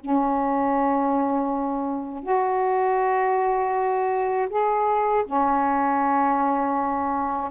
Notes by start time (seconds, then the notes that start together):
0.00 C#4
2.23 F#4
4.49 G#4
5.25 C#4